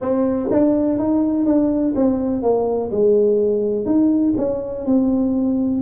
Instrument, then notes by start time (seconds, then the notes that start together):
tuba
0.01 C4
0.51 D4
0.99 D#4
1.46 D4
1.95 C4
2.42 A#3
2.91 G#3
3.85 D#4
4.37 C#4
4.85 C4